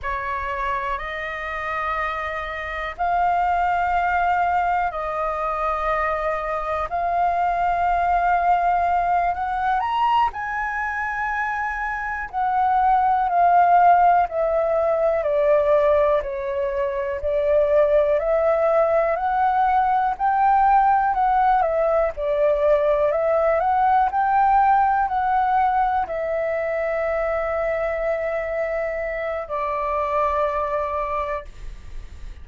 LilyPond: \new Staff \with { instrumentName = "flute" } { \time 4/4 \tempo 4 = 61 cis''4 dis''2 f''4~ | f''4 dis''2 f''4~ | f''4. fis''8 ais''8 gis''4.~ | gis''8 fis''4 f''4 e''4 d''8~ |
d''8 cis''4 d''4 e''4 fis''8~ | fis''8 g''4 fis''8 e''8 d''4 e''8 | fis''8 g''4 fis''4 e''4.~ | e''2 d''2 | }